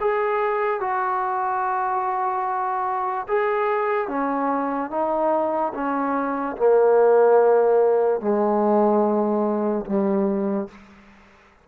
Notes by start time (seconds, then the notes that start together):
0.00 G#4
0.80 F#4
3.28 G#4
4.08 C#4
4.90 D#4
5.74 C#4
6.57 A#3
8.20 G#3
9.86 G3